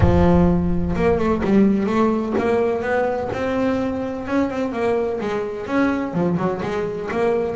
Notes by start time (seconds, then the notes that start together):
0.00 F3
0.95 A#3
1.18 A3
1.43 G3
1.86 A3
2.38 A#3
2.82 B3
3.32 C4
4.27 C#4
4.50 C4
4.72 A#3
5.20 G#3
5.66 C#4
6.13 F3
6.37 F#3
6.62 G#3
7.11 A#3